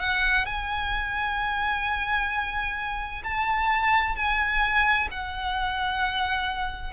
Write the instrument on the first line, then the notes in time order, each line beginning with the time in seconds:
violin
0.00 F#5
0.46 G#5
3.23 A5
4.15 G#5
5.11 F#5